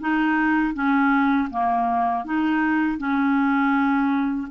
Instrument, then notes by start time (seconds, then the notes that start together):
clarinet
0.00 D#4
0.73 C#4
1.50 A#3
2.24 D#4
2.98 C#4